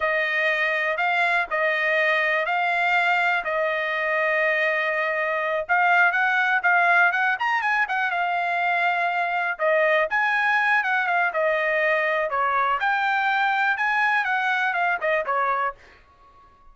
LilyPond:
\new Staff \with { instrumentName = "trumpet" } { \time 4/4 \tempo 4 = 122 dis''2 f''4 dis''4~ | dis''4 f''2 dis''4~ | dis''2.~ dis''8 f''8~ | f''8 fis''4 f''4 fis''8 ais''8 gis''8 |
fis''8 f''2. dis''8~ | dis''8 gis''4. fis''8 f''8 dis''4~ | dis''4 cis''4 g''2 | gis''4 fis''4 f''8 dis''8 cis''4 | }